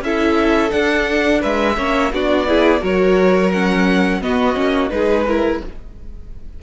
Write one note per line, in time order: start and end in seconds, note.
0.00 0.70 C#4
0.00 0.70 E4
0.00 1.40 A4
0.00 0.71 E5
0.70 1.75 D4
0.70 1.43 D4
0.70 1.41 F#5
1.40 1.77 G#3
1.40 1.75 B4
1.40 2.12 E5
1.77 2.11 A#3
1.77 2.11 C#4
1.77 2.11 C#5
2.11 2.81 B3
2.11 2.47 D4
2.11 2.47 F#4
2.11 2.83 D5
2.47 2.80 E4
2.47 2.81 G#4
2.80 4.21 F#3
2.80 3.50 F#4
2.80 4.20 A#4
2.80 3.52 C#5
3.52 4.22 C#4
3.52 4.22 F#5
4.21 4.56 B3
4.21 4.54 B3
4.21 4.92 F#4
4.21 4.89 D#5
4.54 4.90 A#3
4.54 4.89 C#4
4.89 5.60 G#3
4.89 5.24 D#4
4.89 5.27 G#4
4.89 5.59 B4
5.27 5.62 E4
5.27 5.62 A#4